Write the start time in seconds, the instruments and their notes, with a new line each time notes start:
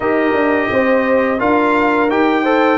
0.00 tuba D#4, trombone G4, horn A#4, trumpet D#5
0.33 tuba D4
0.70 tuba C4, horn C5
1.38 tuba D4, trombone F4, horn A#4, trumpet F5
2.09 tuba D#4, trombone G4, trumpet G5
2.43 trombone A4, horn C5